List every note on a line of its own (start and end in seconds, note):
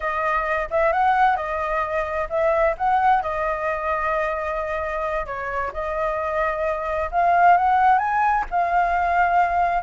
0.00 0.68 D#5
0.70 0.92 E5
0.92 1.36 F#5
1.36 2.28 D#5
2.29 2.75 E5
2.77 3.22 F#5
3.22 5.25 D#5
5.25 5.71 C#5
5.73 7.10 D#5
7.11 7.57 F5
7.57 7.98 F#5
7.98 8.44 G#5
8.50 9.82 F5